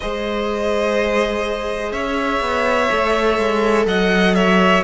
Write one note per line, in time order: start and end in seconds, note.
0.00 1.92 G#3
0.00 2.89 G#4
0.00 1.92 C5
0.00 1.92 D#5
1.92 2.40 C#4
1.92 3.86 C#5
1.92 3.86 E5
2.41 2.89 B3
2.89 3.38 A3
2.89 4.82 A4
3.38 3.86 G#3
3.86 4.82 F#3
3.86 4.35 D#5
3.86 4.34 F#5
4.34 4.83 C#5
4.34 4.83 E5